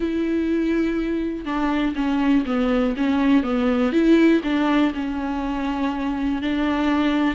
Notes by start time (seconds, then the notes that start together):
0.00 E4
1.45 D4
1.95 C#4
2.45 B3
2.96 C#4
3.43 B3
3.92 E4
4.43 D4
4.94 C#4
6.42 D4